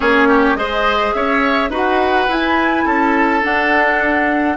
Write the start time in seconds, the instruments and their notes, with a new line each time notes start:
0.00 bassoon A#3, clarinet C#4, oboe G#4, flute C#5
0.28 oboe G4
0.55 bassoon G#3, clarinet G#4, oboe C5, flute D#5
1.13 bassoon C#4, oboe C#5, flute E5
1.69 bassoon D#4, clarinet F#4, oboe B4
1.75 flute F#5
2.28 bassoon E4, clarinet E4, flute G#5
2.85 bassoon C#4, oboe A4, flute A5
3.41 clarinet D4, bassoon D4, flute F#5